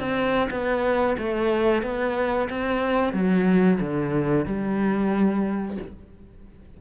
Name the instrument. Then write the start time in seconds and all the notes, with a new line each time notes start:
cello
0.00 C4
0.51 B3
1.18 A3
1.83 B3
2.50 C4
3.13 F#3
3.81 D3
4.46 G3